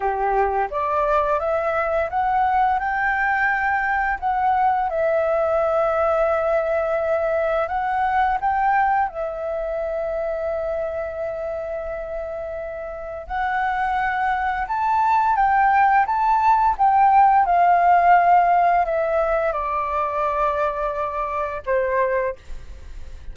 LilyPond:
\new Staff \with { instrumentName = "flute" } { \time 4/4 \tempo 4 = 86 g'4 d''4 e''4 fis''4 | g''2 fis''4 e''4~ | e''2. fis''4 | g''4 e''2.~ |
e''2. fis''4~ | fis''4 a''4 g''4 a''4 | g''4 f''2 e''4 | d''2. c''4 | }